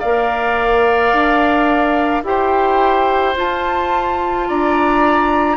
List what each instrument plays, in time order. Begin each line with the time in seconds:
0.00 bassoon A#3, clarinet A#4, oboe D5, flute F5
1.13 bassoon D4
2.24 bassoon E4, clarinet G4, oboe C5, flute G5
3.36 clarinet F4, bassoon F4, flute A5
4.48 bassoon D4, oboe D5, flute A#5